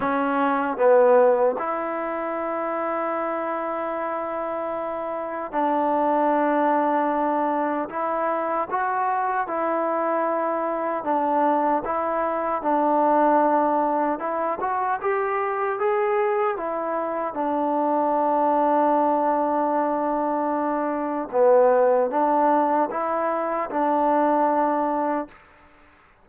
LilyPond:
\new Staff \with { instrumentName = "trombone" } { \time 4/4 \tempo 4 = 76 cis'4 b4 e'2~ | e'2. d'4~ | d'2 e'4 fis'4 | e'2 d'4 e'4 |
d'2 e'8 fis'8 g'4 | gis'4 e'4 d'2~ | d'2. b4 | d'4 e'4 d'2 | }